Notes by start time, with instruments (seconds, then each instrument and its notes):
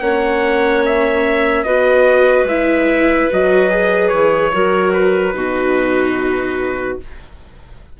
0.00 bassoon A#3, viola C#4, clarinet C#5, trumpet F#5
0.85 trumpet E5
1.63 bassoon B3, viola F#4, clarinet B4, trumpet D#5
2.44 bassoon G#3, viola E4, trumpet E5
3.31 bassoon F#3, viola F#4, trumpet D#5
3.70 viola G#4
4.08 bassoon E3, trumpet C#5
4.52 bassoon F#3, viola F#4, clarinet A#4
4.93 trumpet B4
5.34 bassoon B2, viola D#4, clarinet F#4